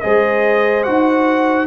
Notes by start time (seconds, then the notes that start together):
0.00 G#3 G#4 C5 D#5
0.83 D#4 F#4 F#5